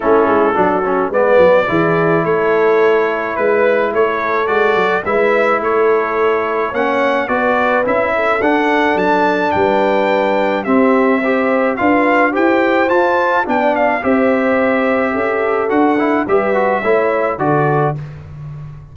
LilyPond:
<<
  \new Staff \with { instrumentName = "trumpet" } { \time 4/4 \tempo 4 = 107 a'2 d''2 | cis''2 b'4 cis''4 | d''4 e''4 cis''2 | fis''4 d''4 e''4 fis''4 |
a''4 g''2 e''4~ | e''4 f''4 g''4 a''4 | g''8 f''8 e''2. | fis''4 e''2 d''4 | }
  \new Staff \with { instrumentName = "horn" } { \time 4/4 e'4 fis'4 b'4 gis'4 | a'2 b'4 a'4~ | a'4 b'4 a'2 | cis''4 b'4. a'4.~ |
a'4 b'2 g'4 | c''4 b'4 c''2 | d''4 c''2 a'4~ | a'4 b'4 cis''4 a'4 | }
  \new Staff \with { instrumentName = "trombone" } { \time 4/4 cis'4 d'8 cis'8 b4 e'4~ | e'1 | fis'4 e'2. | cis'4 fis'4 e'4 d'4~ |
d'2. c'4 | g'4 f'4 g'4 f'4 | d'4 g'2. | fis'8 e'8 g'8 fis'8 e'4 fis'4 | }
  \new Staff \with { instrumentName = "tuba" } { \time 4/4 a8 gis8 fis4 gis8 fis8 e4 | a2 gis4 a4 | gis8 fis8 gis4 a2 | ais4 b4 cis'4 d'4 |
fis4 g2 c'4~ | c'4 d'4 e'4 f'4 | b4 c'2 cis'4 | d'4 g4 a4 d4 | }
>>